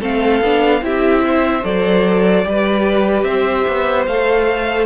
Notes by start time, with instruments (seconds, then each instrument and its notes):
0.00 cello A3, viola C4, violin A4 F5
0.42 cello B3, viola D4
0.82 cello C4, viola E4, violin G4 E5
1.24 violin C5
1.64 cello F#3, viola A4, violin D5
2.44 cello G3, viola G4, violin B4
3.24 cello C4, violin C5 E5
3.68 cello B3
4.07 cello A3, viola A4, violin F5